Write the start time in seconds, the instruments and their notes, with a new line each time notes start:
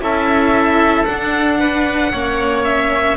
0.00 double bass C#4, cello E4, oboe A4, violin E5
1.05 double bass D4, cello D4, violin F#5
1.60 oboe B4
2.12 double bass A#3, cello C#4, oboe C#5
2.65 violin E5